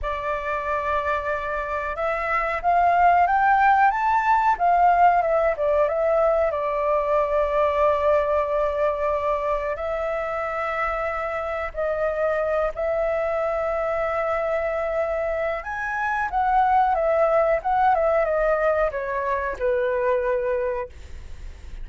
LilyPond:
\new Staff \with { instrumentName = "flute" } { \time 4/4 \tempo 4 = 92 d''2. e''4 | f''4 g''4 a''4 f''4 | e''8 d''8 e''4 d''2~ | d''2. e''4~ |
e''2 dis''4. e''8~ | e''1 | gis''4 fis''4 e''4 fis''8 e''8 | dis''4 cis''4 b'2 | }